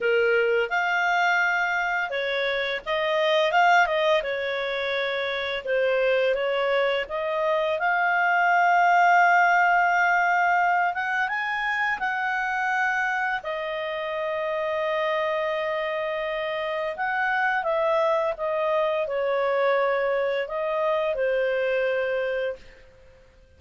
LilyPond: \new Staff \with { instrumentName = "clarinet" } { \time 4/4 \tempo 4 = 85 ais'4 f''2 cis''4 | dis''4 f''8 dis''8 cis''2 | c''4 cis''4 dis''4 f''4~ | f''2.~ f''8 fis''8 |
gis''4 fis''2 dis''4~ | dis''1 | fis''4 e''4 dis''4 cis''4~ | cis''4 dis''4 c''2 | }